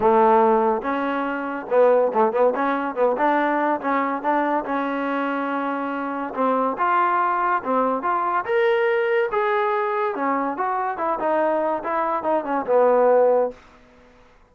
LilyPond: \new Staff \with { instrumentName = "trombone" } { \time 4/4 \tempo 4 = 142 a2 cis'2 | b4 a8 b8 cis'4 b8 d'8~ | d'4 cis'4 d'4 cis'4~ | cis'2. c'4 |
f'2 c'4 f'4 | ais'2 gis'2 | cis'4 fis'4 e'8 dis'4. | e'4 dis'8 cis'8 b2 | }